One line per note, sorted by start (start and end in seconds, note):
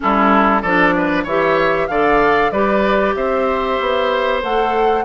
0.00 0.63 G3
0.00 0.62 C#4
0.00 0.62 E4
0.00 0.62 A4
0.62 1.24 F3
0.62 1.28 D4
0.62 0.93 A4
0.62 1.25 D5
0.97 1.23 B4
1.23 1.87 E3
1.23 1.90 G4
1.23 1.86 C#5
1.23 1.87 E5
1.87 2.51 D3
1.87 2.53 A4
1.87 2.51 D5
1.87 2.50 F5
2.51 3.14 G3
2.51 4.42 G4
2.51 3.15 B4
2.51 3.14 D5
3.15 3.78 C4
3.15 5.04 C5
3.15 4.42 E5
3.80 4.42 B3
4.42 5.04 A3
4.42 5.04 A4
4.42 5.04 F#5